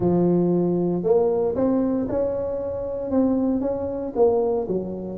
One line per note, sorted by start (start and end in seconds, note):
0.00 1.03 F3
1.03 1.54 A#3
1.55 2.07 C4
2.08 3.10 C#4
3.10 3.61 C4
3.61 4.12 C#4
4.15 4.67 A#3
4.67 5.18 F#3